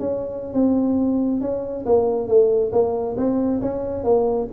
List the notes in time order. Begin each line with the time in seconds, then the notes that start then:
0.00 C#4
0.53 C4
1.41 C#4
1.86 A#3
2.28 A3
2.72 A#3
3.17 C4
3.61 C#4
4.04 A#3